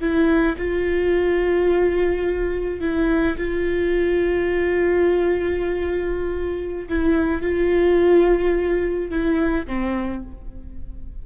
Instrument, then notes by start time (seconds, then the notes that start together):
viola
0.00 E4
0.58 F4
2.80 E4
3.37 F4
6.88 E4
7.42 F4
9.10 E4
9.66 C4